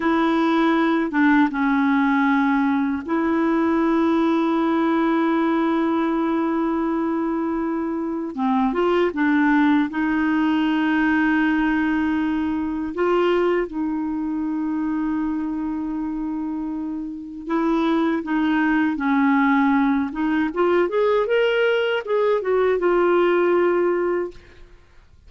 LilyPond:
\new Staff \with { instrumentName = "clarinet" } { \time 4/4 \tempo 4 = 79 e'4. d'8 cis'2 | e'1~ | e'2. c'8 f'8 | d'4 dis'2.~ |
dis'4 f'4 dis'2~ | dis'2. e'4 | dis'4 cis'4. dis'8 f'8 gis'8 | ais'4 gis'8 fis'8 f'2 | }